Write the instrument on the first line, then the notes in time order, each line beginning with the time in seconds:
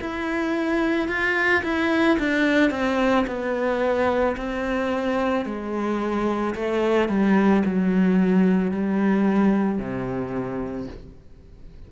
cello
0.00 E4
1.08 F4
1.63 E4
2.19 D4
2.70 C4
3.26 B3
4.36 C4
5.45 G#3
6.55 A3
7.08 G3
7.65 F#3
8.71 G3
9.78 C3